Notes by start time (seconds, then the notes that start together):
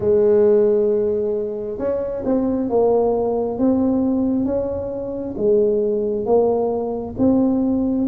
0.00 G#3
1.78 C#4
2.24 C4
2.69 A#3
3.58 C4
4.45 C#4
5.37 G#3
6.25 A#3
7.18 C4